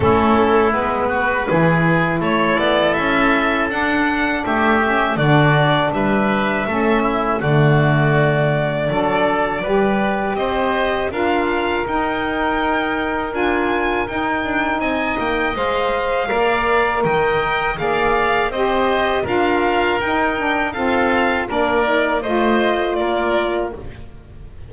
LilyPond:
<<
  \new Staff \with { instrumentName = "violin" } { \time 4/4 \tempo 4 = 81 a'4 b'2 cis''8 d''8 | e''4 fis''4 e''4 d''4 | e''2 d''2~ | d''2 dis''4 f''4 |
g''2 gis''4 g''4 | gis''8 g''8 f''2 g''4 | f''4 dis''4 f''4 g''4 | f''4 d''4 dis''4 d''4 | }
  \new Staff \with { instrumentName = "oboe" } { \time 4/4 e'4. fis'8 gis'4 a'4~ | a'2 g'4 fis'4 | b'4 a'8 e'8 fis'2 | a'4 b'4 c''4 ais'4~ |
ais'1 | dis''2 d''4 dis''4 | d''4 c''4 ais'2 | a'4 ais'4 c''4 ais'4 | }
  \new Staff \with { instrumentName = "saxophone" } { \time 4/4 cis'4 b4 e'2~ | e'4 d'4. cis'8 d'4~ | d'4 cis'4 a2 | d'4 g'2 f'4 |
dis'2 f'4 dis'4~ | dis'4 c''4 ais'2 | gis'4 g'4 f'4 dis'8 d'8 | c'4 d'8 dis'8 f'2 | }
  \new Staff \with { instrumentName = "double bass" } { \time 4/4 a4 gis4 e4 a8 b8 | cis'4 d'4 a4 d4 | g4 a4 d2 | fis4 g4 c'4 d'4 |
dis'2 d'4 dis'8 d'8 | c'8 ais8 gis4 ais4 dis4 | ais4 c'4 d'4 dis'4 | f'4 ais4 a4 ais4 | }
>>